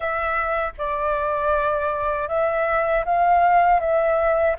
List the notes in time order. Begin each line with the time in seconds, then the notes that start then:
0.00 E5
0.78 D5
2.28 E5
3.05 F5
3.80 E5